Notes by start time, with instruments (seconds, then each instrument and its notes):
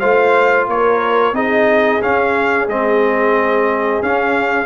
0.00 tuba A3, trombone F4, horn C5, trumpet F5
0.68 tuba A#3, horn A#4, trumpet C#5
1.33 tuba C4, trombone D#4, horn G#4, trumpet D#5
2.02 trombone C#4, tuba C#4, trumpet F5
2.68 tuba G#3, trombone C4, trumpet D#5
4.02 tuba C#4, trombone C#4, trumpet F5